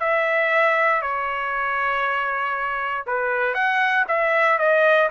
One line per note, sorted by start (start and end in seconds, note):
0.00 1.02 E5
1.02 3.05 C#5
3.07 3.54 B4
3.54 4.05 F#5
4.08 4.59 E5
4.59 5.09 D#5